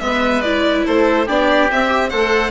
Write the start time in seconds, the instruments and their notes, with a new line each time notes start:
0.00 bassoon G#3, viola B3, oboe B4, violin E5
0.41 viola E4, violin D5
0.86 bassoon A3, oboe A4, violin C5
1.26 bassoon B3, viola D4, oboe G4, violin D5
1.71 bassoon C4, viola C4, violin E5
1.88 viola G4
2.10 bassoon A3, viola A4, oboe C5, violin F#5